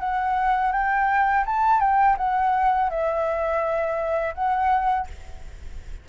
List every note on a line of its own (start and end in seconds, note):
0.00 0.72 F#5
0.72 1.45 G5
1.46 1.80 A5
1.80 2.17 G5
2.18 2.90 F#5
2.90 4.35 E5
4.35 5.07 F#5